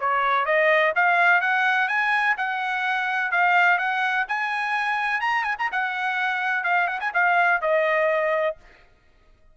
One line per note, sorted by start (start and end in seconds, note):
0.00 0.45 C#5
0.45 0.93 D#5
0.96 1.41 F5
1.41 1.88 F#5
1.88 2.36 G#5
2.37 3.31 F#5
3.31 3.78 F5
3.78 4.26 F#5
4.28 5.21 G#5
5.21 5.44 A#5
5.44 5.56 G#5
5.58 5.70 A#5
5.72 6.64 F#5
6.64 6.87 F5
6.87 6.99 F#5
7.00 7.12 G#5
7.14 7.61 F5
7.61 8.57 D#5